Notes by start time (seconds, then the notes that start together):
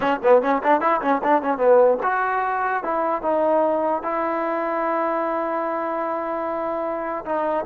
0.00 C#4
0.23 B3
0.41 C#4
0.63 D4
0.81 E4
1.01 C#4
1.23 D4
1.41 C#4
1.57 B3
2.03 F#4
2.83 E4
3.22 D#4
4.02 E4
7.25 D#4